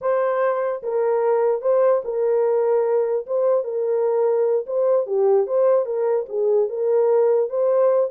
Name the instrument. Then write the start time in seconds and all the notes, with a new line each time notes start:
horn
0.01 C5
0.82 A#4
1.61 C5
2.04 A#4
3.26 C5
3.64 A#4
4.66 C5
5.06 G4
5.46 C5
5.85 A#4
6.28 G#4
6.69 A#4
7.49 C5